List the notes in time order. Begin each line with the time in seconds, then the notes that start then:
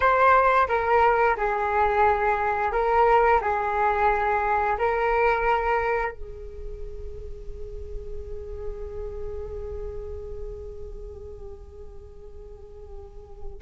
0.00 C5
0.68 A#4
1.36 G#4
2.72 A#4
3.41 G#4
4.78 A#4
6.11 G#4